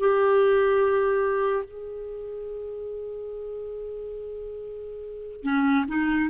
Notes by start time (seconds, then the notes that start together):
0.00 G4
1.66 G#4
5.43 C#4
5.88 D#4